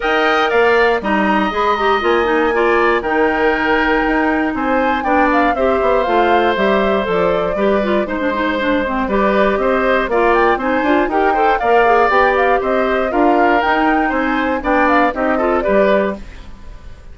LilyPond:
<<
  \new Staff \with { instrumentName = "flute" } { \time 4/4 \tempo 4 = 119 g''4 f''4 ais''4 b''8 ais''8 | gis''2 g''2~ | g''4 gis''4 g''8 f''8 e''4 | f''4 e''4 d''2 |
c''2 d''4 dis''4 | f''8 g''8 gis''4 g''4 f''4 | g''8 f''8 dis''4 f''4 g''4 | gis''4 g''8 f''8 dis''4 d''4 | }
  \new Staff \with { instrumentName = "oboe" } { \time 4/4 dis''4 d''4 dis''2~ | dis''4 d''4 ais'2~ | ais'4 c''4 d''4 c''4~ | c''2. b'4 |
c''2 b'4 c''4 | d''4 c''4 ais'8 c''8 d''4~ | d''4 c''4 ais'2 | c''4 d''4 g'8 a'8 b'4 | }
  \new Staff \with { instrumentName = "clarinet" } { \time 4/4 ais'2 dis'4 gis'8 g'8 | f'8 dis'8 f'4 dis'2~ | dis'2 d'4 g'4 | f'4 g'4 a'4 g'8 f'8 |
dis'16 d'16 dis'8 d'8 c'8 g'2 | f'4 dis'8 f'8 g'8 a'8 ais'8 gis'8 | g'2 f'4 dis'4~ | dis'4 d'4 dis'8 f'8 g'4 | }
  \new Staff \with { instrumentName = "bassoon" } { \time 4/4 dis'4 ais4 g4 gis4 | ais2 dis2 | dis'4 c'4 b4 c'8 b8 | a4 g4 f4 g4 |
gis2 g4 c'4 | ais4 c'8 d'8 dis'4 ais4 | b4 c'4 d'4 dis'4 | c'4 b4 c'4 g4 | }
>>